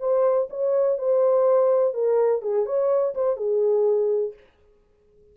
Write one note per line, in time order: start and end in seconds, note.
0.00 0.48 C5
0.50 0.98 C#5
0.98 1.94 C5
1.94 2.42 A#4
2.42 2.66 G#4
2.66 3.14 C#5
3.15 3.37 C5
3.37 4.34 G#4